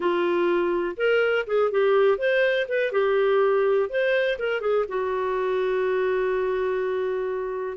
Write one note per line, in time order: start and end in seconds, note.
0.00 0.96 F4
0.96 1.45 A#4
1.47 1.71 G#4
1.71 2.18 G4
2.18 2.67 C5
2.68 2.92 B4
2.92 3.89 G4
3.89 4.38 C5
4.39 4.61 A#4
4.61 4.85 G#4
4.88 7.77 F#4